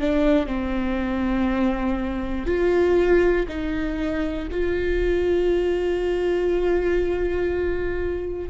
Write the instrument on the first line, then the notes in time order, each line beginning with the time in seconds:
viola
0.00 D4
0.46 C4
2.46 F4
3.48 D#4
4.51 F4